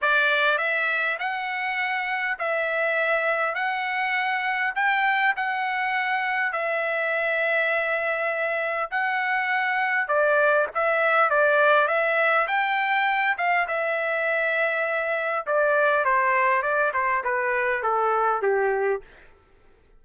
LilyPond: \new Staff \with { instrumentName = "trumpet" } { \time 4/4 \tempo 4 = 101 d''4 e''4 fis''2 | e''2 fis''2 | g''4 fis''2 e''4~ | e''2. fis''4~ |
fis''4 d''4 e''4 d''4 | e''4 g''4. f''8 e''4~ | e''2 d''4 c''4 | d''8 c''8 b'4 a'4 g'4 | }